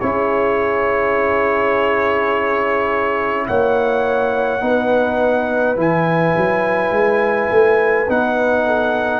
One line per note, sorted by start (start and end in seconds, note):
0.00 3.48 C#4
0.00 4.61 E4
0.00 3.47 G#4
0.00 3.46 C#5
3.47 4.62 A#3
3.47 4.62 C#5
3.47 5.78 F#5
4.61 5.77 B3
4.61 5.76 D#4
4.61 8.66 B4
5.76 6.34 E3
5.76 8.07 E4
5.76 8.10 G#5
6.37 6.91 F#3
6.91 7.48 G#3
7.50 8.08 A3
8.09 9.19 B3
8.09 9.19 D#4
8.09 9.19 F#5
8.66 9.19 A4